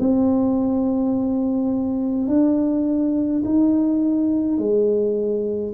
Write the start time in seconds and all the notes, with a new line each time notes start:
0.00 C4
2.28 D4
3.45 D#4
4.58 G#3